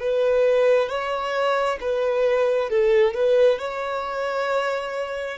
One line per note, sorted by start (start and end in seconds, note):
0.00 0.89 B4
0.89 1.79 C#5
1.81 2.69 B4
2.69 3.14 A4
3.14 3.59 B4
3.59 5.38 C#5